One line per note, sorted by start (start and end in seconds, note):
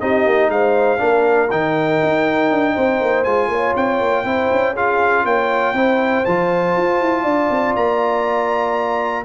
0.00 0.26 C4
0.00 0.98 D#4
0.00 0.51 G4
0.00 0.50 D#5
0.26 0.49 A#3
0.49 0.99 G#3
0.49 1.00 C5
0.49 1.51 F5
0.98 1.51 A#3
0.98 1.48 D4
0.98 2.74 A#4
1.51 2.01 D#3
1.51 3.25 D#4
1.51 3.24 G5
2.03 2.51 D#4
2.51 2.76 D4
2.74 3.00 C4
2.74 3.49 C5
3.00 3.25 A#3
3.24 3.48 G#3
3.24 4.25 F4
3.24 3.74 G#5
3.48 3.73 A#3
3.48 4.24 C#5
3.76 4.01 C4
3.76 4.76 G5
4.01 4.24 A#3
4.24 4.49 C4
4.24 4.75 E4
4.24 4.73 C5
4.51 5.24 C#4
4.73 5.75 F4
4.73 5.23 G#4
4.73 5.26 F5
5.24 5.73 A#3
5.24 5.74 C#5
5.24 6.25 G5
5.73 6.23 C4
5.73 6.25 E4
5.73 7.23 C5
6.25 6.76 F3
6.25 9.24 F4
6.25 7.75 A5
6.76 7.01 F4
7.01 7.24 E4
7.23 7.49 D4
7.23 9.23 D5
7.50 7.75 C4
7.76 9.24 A#3
7.76 9.24 A#5